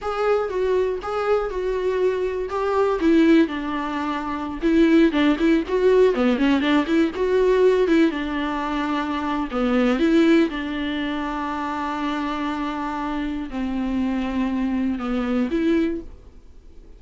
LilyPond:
\new Staff \with { instrumentName = "viola" } { \time 4/4 \tempo 4 = 120 gis'4 fis'4 gis'4 fis'4~ | fis'4 g'4 e'4 d'4~ | d'4~ d'16 e'4 d'8 e'8 fis'8.~ | fis'16 b8 cis'8 d'8 e'8 fis'4. e'16~ |
e'16 d'2~ d'8. b4 | e'4 d'2.~ | d'2. c'4~ | c'2 b4 e'4 | }